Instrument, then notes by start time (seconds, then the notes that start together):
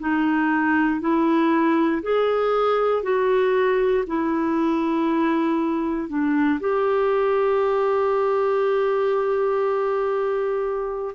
clarinet
0.00 D#4
1.01 E4
2.02 G#4
3.03 F#4
4.07 E4
6.09 D4
6.60 G4